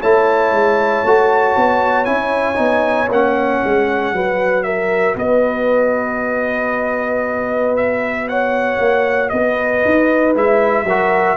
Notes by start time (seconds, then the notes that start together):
0.00 A3 E4 C#5 A5
0.52 G#3
1.04 A3 F#4
1.56 B3
2.05 C#4 E4 G#5
2.55 B3 D#4
3.09 A#3 C#4 F#5
3.65 G#3
4.12 F#3 F#4 B4
4.64 A#4 E5
5.16 B3 B4 D#5
7.77 E5
8.28 C#5 F#5
8.79 A#3
9.30 B3 B4 D#5
9.85 D#4
10.34 G#3 E4 E5
10.84 F#3 F#4 A#4